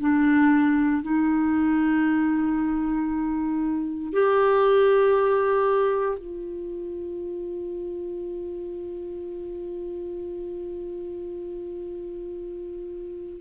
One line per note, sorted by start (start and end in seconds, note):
0.00 1.03 D4
1.03 4.13 D#4
4.13 6.18 G4
6.18 13.41 F4